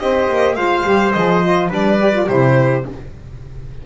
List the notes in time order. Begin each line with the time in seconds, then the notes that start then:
0.00 C4 G4 C5 D#5
0.29 A#3
0.56 G#3 F4 C5 F5
0.84 G3 G4
1.12 F3 G#4 D#5
1.43 F4
1.69 G3 D4 B4 D5
2.00 G4
2.13 F4
2.27 C3 E4 G4 C5